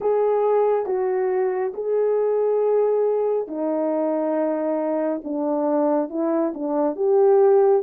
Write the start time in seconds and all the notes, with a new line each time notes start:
0.00 G#4
0.85 F#4
1.74 G#4
3.47 D#4
5.24 D4
6.09 E4
6.54 D4
6.96 G4